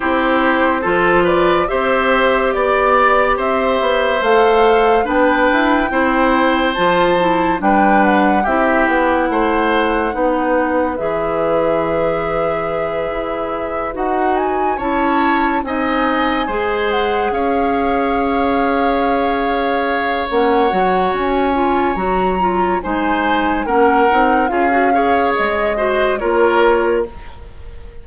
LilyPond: <<
  \new Staff \with { instrumentName = "flute" } { \time 4/4 \tempo 4 = 71 c''4. d''8 e''4 d''4 | e''4 f''4 g''2 | a''4 g''8 fis''8 e''8 fis''4.~ | fis''4 e''2.~ |
e''8 fis''8 gis''8 a''4 gis''4. | fis''8 f''2.~ f''8 | fis''4 gis''4 ais''4 gis''4 | fis''4 f''4 dis''4 cis''4 | }
  \new Staff \with { instrumentName = "oboe" } { \time 4/4 g'4 a'8 b'8 c''4 d''4 | c''2 b'4 c''4~ | c''4 b'4 g'4 c''4 | b'1~ |
b'4. cis''4 dis''4 c''8~ | c''8 cis''2.~ cis''8~ | cis''2. c''4 | ais'4 gis'8 cis''4 c''8 ais'4 | }
  \new Staff \with { instrumentName = "clarinet" } { \time 4/4 e'4 f'4 g'2~ | g'4 a'4 d'4 e'4 | f'8 e'8 d'4 e'2 | dis'4 gis'2.~ |
gis'8 fis'4 e'4 dis'4 gis'8~ | gis'1 | cis'8 fis'4 f'8 fis'8 f'8 dis'4 | cis'8 dis'8 f'16 fis'16 gis'4 fis'8 f'4 | }
  \new Staff \with { instrumentName = "bassoon" } { \time 4/4 c'4 f4 c'4 b4 | c'8 b8 a4 b8 e'8 c'4 | f4 g4 c'8 b8 a4 | b4 e2~ e8 e'8~ |
e'8 dis'4 cis'4 c'4 gis8~ | gis8 cis'2.~ cis'8 | ais8 fis8 cis'4 fis4 gis4 | ais8 c'8 cis'4 gis4 ais4 | }
>>